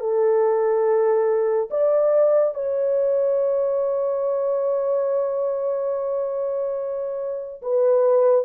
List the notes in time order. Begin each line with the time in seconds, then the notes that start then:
0.00 A4
1.71 D5
2.55 C#5
7.62 B4